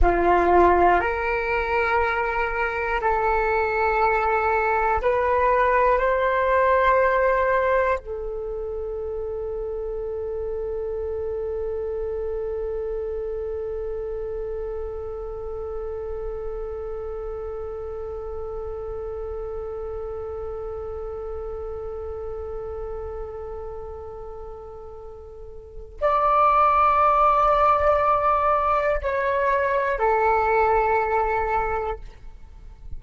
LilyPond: \new Staff \with { instrumentName = "flute" } { \time 4/4 \tempo 4 = 60 f'4 ais'2 a'4~ | a'4 b'4 c''2 | a'1~ | a'1~ |
a'1~ | a'1~ | a'2 d''2~ | d''4 cis''4 a'2 | }